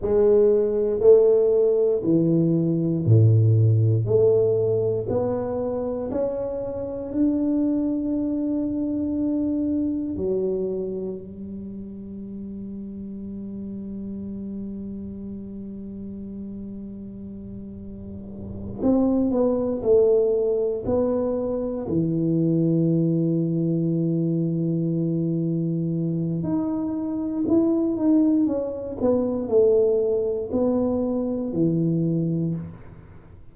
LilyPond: \new Staff \with { instrumentName = "tuba" } { \time 4/4 \tempo 4 = 59 gis4 a4 e4 a,4 | a4 b4 cis'4 d'4~ | d'2 fis4 g4~ | g1~ |
g2~ g8 c'8 b8 a8~ | a8 b4 e2~ e8~ | e2 dis'4 e'8 dis'8 | cis'8 b8 a4 b4 e4 | }